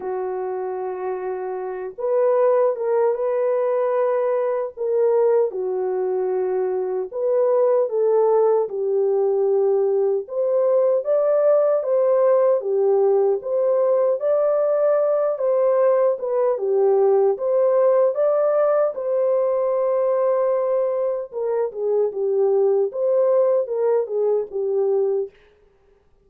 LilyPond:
\new Staff \with { instrumentName = "horn" } { \time 4/4 \tempo 4 = 76 fis'2~ fis'8 b'4 ais'8 | b'2 ais'4 fis'4~ | fis'4 b'4 a'4 g'4~ | g'4 c''4 d''4 c''4 |
g'4 c''4 d''4. c''8~ | c''8 b'8 g'4 c''4 d''4 | c''2. ais'8 gis'8 | g'4 c''4 ais'8 gis'8 g'4 | }